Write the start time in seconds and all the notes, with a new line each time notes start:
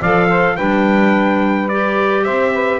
0.00 F3 A4 D5 F5
0.28 C5
0.56 G3 D4 B4 G5
1.68 G4 D5
2.24 C4 C5 E5
2.53 B4